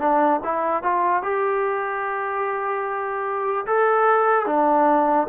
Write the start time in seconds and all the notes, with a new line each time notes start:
0.00 D4
0.44 E4
0.83 F4
1.23 G4
3.66 A4
4.46 D4